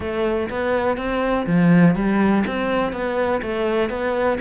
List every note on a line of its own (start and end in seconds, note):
0.00 0.49 A3
0.49 0.97 B3
0.97 1.46 C4
1.46 1.95 F3
1.95 2.44 G3
2.46 2.92 C4
2.92 3.41 B3
3.42 3.89 A3
3.89 4.38 B3